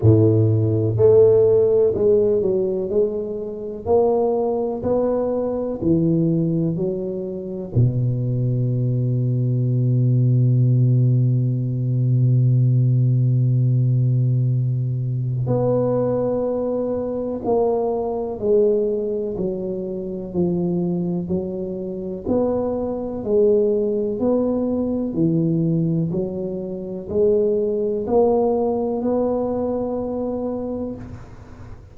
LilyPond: \new Staff \with { instrumentName = "tuba" } { \time 4/4 \tempo 4 = 62 a,4 a4 gis8 fis8 gis4 | ais4 b4 e4 fis4 | b,1~ | b,1 |
b2 ais4 gis4 | fis4 f4 fis4 b4 | gis4 b4 e4 fis4 | gis4 ais4 b2 | }